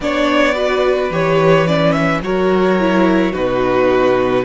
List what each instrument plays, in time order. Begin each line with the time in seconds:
0.00 cello B3, viola D4, violin C#5 D5
0.53 viola F#4, violin B4
1.10 cello E3, viola G4, violin C#5
1.66 viola C#4, violin D5
1.92 violin E5
2.21 cello F#3, viola F#4, violin A#4 C#5
2.79 viola E4
3.32 cello B2, viola D#4, violin F#4 B4